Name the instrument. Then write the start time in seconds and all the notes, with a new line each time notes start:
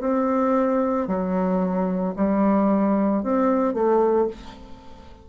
bassoon
0.00 C4
1.07 F#3
2.16 G3
3.23 C4
3.74 A3